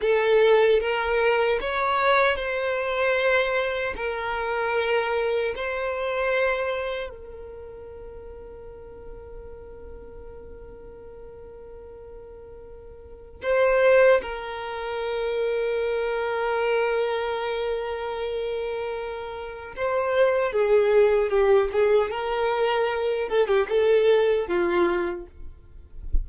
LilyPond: \new Staff \with { instrumentName = "violin" } { \time 4/4 \tempo 4 = 76 a'4 ais'4 cis''4 c''4~ | c''4 ais'2 c''4~ | c''4 ais'2.~ | ais'1~ |
ais'4 c''4 ais'2~ | ais'1~ | ais'4 c''4 gis'4 g'8 gis'8 | ais'4. a'16 g'16 a'4 f'4 | }